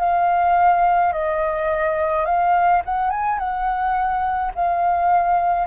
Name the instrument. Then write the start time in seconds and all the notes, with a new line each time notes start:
flute
0.00 F5
1.13 D#5
2.26 F5
2.86 F#5
3.11 G#5
3.39 F#5
4.55 F5